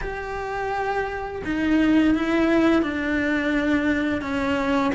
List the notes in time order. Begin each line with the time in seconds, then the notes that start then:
0.01 G4
1.44 D#4
2.14 E4
2.82 D4
4.21 C#4